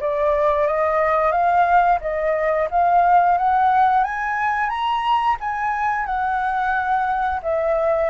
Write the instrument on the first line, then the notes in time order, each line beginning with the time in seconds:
flute
0.00 D5
0.67 D#5
1.31 F5
2.01 D#5
2.71 F5
3.38 F#5
4.04 G#5
4.69 A#5
5.40 G#5
6.06 F#5
7.42 E5